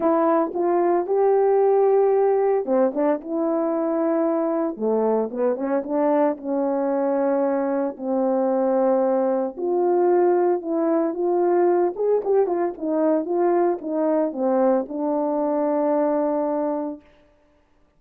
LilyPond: \new Staff \with { instrumentName = "horn" } { \time 4/4 \tempo 4 = 113 e'4 f'4 g'2~ | g'4 c'8 d'8 e'2~ | e'4 a4 b8 cis'8 d'4 | cis'2. c'4~ |
c'2 f'2 | e'4 f'4. gis'8 g'8 f'8 | dis'4 f'4 dis'4 c'4 | d'1 | }